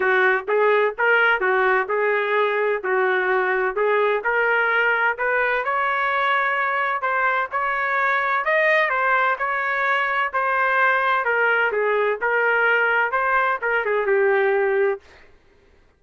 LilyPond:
\new Staff \with { instrumentName = "trumpet" } { \time 4/4 \tempo 4 = 128 fis'4 gis'4 ais'4 fis'4 | gis'2 fis'2 | gis'4 ais'2 b'4 | cis''2. c''4 |
cis''2 dis''4 c''4 | cis''2 c''2 | ais'4 gis'4 ais'2 | c''4 ais'8 gis'8 g'2 | }